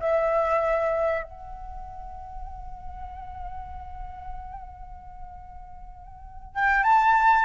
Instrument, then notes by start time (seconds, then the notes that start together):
flute
0.00 E5
1.24 F#5
6.55 G5
6.84 A5